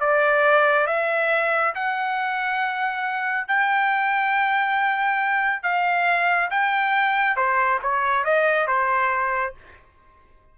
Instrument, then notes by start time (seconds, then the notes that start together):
trumpet
0.00 D5
0.87 E5
1.75 F#5
3.47 G5
5.63 F5
6.50 G5
7.36 C5
7.82 C#5
8.24 D#5
8.67 C5